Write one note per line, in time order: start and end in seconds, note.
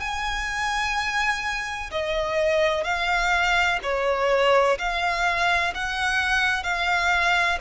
0.00 1.90 G#5
1.91 2.84 D#5
2.84 3.80 F5
3.83 4.78 C#5
4.79 5.74 F5
5.75 6.64 F#5
6.64 7.59 F5